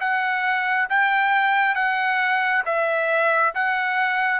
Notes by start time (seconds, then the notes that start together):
0.00 F#5
0.89 G5
1.75 F#5
2.65 E5
3.55 F#5